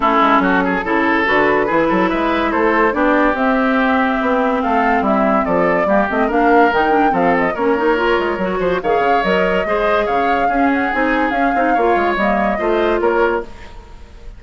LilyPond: <<
  \new Staff \with { instrumentName = "flute" } { \time 4/4 \tempo 4 = 143 a'2. b'4~ | b'4 e''4 c''4 d''4 | e''2. f''4 | e''4 d''4. dis''8 f''4 |
g''4 f''8 dis''8 cis''2~ | cis''4 f''4 dis''2 | f''4. fis''8 gis''4 f''4~ | f''4 dis''2 cis''4 | }
  \new Staff \with { instrumentName = "oboe" } { \time 4/4 e'4 fis'8 gis'8 a'2 | gis'8 a'8 b'4 a'4 g'4~ | g'2. a'4 | e'4 a'4 g'4 ais'4~ |
ais'4 a'4 ais'2~ | ais'8 c''8 cis''2 c''4 | cis''4 gis'2. | cis''2 c''4 ais'4 | }
  \new Staff \with { instrumentName = "clarinet" } { \time 4/4 cis'2 e'4 fis'4 | e'2. d'4 | c'1~ | c'2 ais8 c'8 d'4 |
dis'8 d'8 c'4 cis'8 dis'8 f'4 | fis'4 gis'4 ais'4 gis'4~ | gis'4 cis'4 dis'4 cis'8 dis'8 | f'4 ais4 f'2 | }
  \new Staff \with { instrumentName = "bassoon" } { \time 4/4 a8 gis8 fis4 cis4 d4 | e8 fis8 gis4 a4 b4 | c'2 b4 a4 | g4 f4 g8 a8 ais4 |
dis4 f4 ais4. gis8 | fis8 f8 dis8 cis8 fis4 gis4 | cis4 cis'4 c'4 cis'8 c'8 | ais8 gis8 g4 a4 ais4 | }
>>